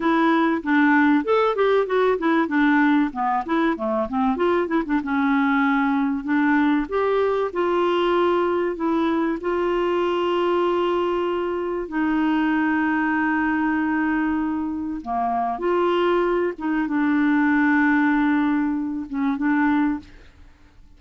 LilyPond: \new Staff \with { instrumentName = "clarinet" } { \time 4/4 \tempo 4 = 96 e'4 d'4 a'8 g'8 fis'8 e'8 | d'4 b8 e'8 a8 c'8 f'8 e'16 d'16 | cis'2 d'4 g'4 | f'2 e'4 f'4~ |
f'2. dis'4~ | dis'1 | ais4 f'4. dis'8 d'4~ | d'2~ d'8 cis'8 d'4 | }